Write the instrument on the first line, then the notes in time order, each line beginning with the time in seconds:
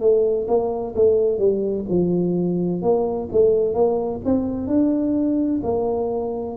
tuba
0.00 A3
0.47 A#3
0.95 A3
1.38 G3
1.89 F3
2.82 A#3
3.32 A3
3.74 A#3
4.25 C4
4.67 D4
5.63 A#3